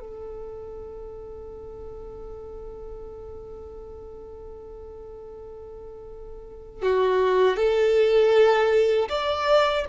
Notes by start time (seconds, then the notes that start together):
0.00 A4
6.82 F#4
7.56 A4
9.09 D5